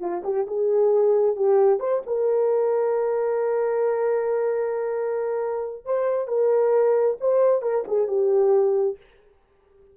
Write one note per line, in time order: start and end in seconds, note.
0.00 0.22 F4
0.24 0.46 G4
0.47 1.36 G#4
1.36 1.80 G4
1.80 2.02 C5
2.06 5.85 A#4
5.85 6.28 C5
6.28 7.17 A#4
7.20 7.62 C5
7.62 7.84 A#4
7.87 8.08 G#4
8.08 8.97 G4